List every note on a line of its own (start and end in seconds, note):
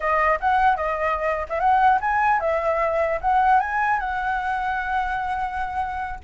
0.00 0.39 D#5
0.39 0.76 F#5
0.76 1.46 D#5
1.49 1.59 E5
1.59 1.99 F#5
2.00 2.39 G#5
2.39 3.19 E5
3.21 3.60 F#5
3.60 3.99 G#5
3.99 6.19 F#5